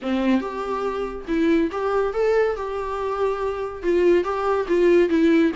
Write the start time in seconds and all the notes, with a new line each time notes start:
0.02 C4
0.40 G4
1.27 E4
1.71 G4
2.13 A4
2.56 G4
3.82 F4
4.24 G4
4.68 F4
5.09 E4